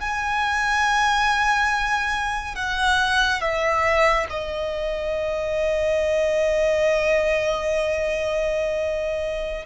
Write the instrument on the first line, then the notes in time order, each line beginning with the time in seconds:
violin
0.00 G#5
2.55 F#5
3.41 E5
4.30 D#5